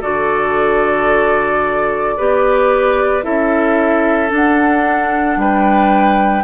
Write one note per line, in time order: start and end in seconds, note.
0.00 2.18 D3
0.00 2.16 F#4
0.00 2.14 A4
0.00 3.23 D5
2.17 3.24 B3
2.17 3.22 G4
2.17 3.24 B4
3.22 4.31 C#4
3.22 4.28 E4
3.22 5.38 A4
3.22 4.30 E5
4.28 6.42 D4
4.28 5.36 D4
4.35 5.39 F#5
5.36 6.43 G3
5.36 6.43 B4
5.36 6.43 G5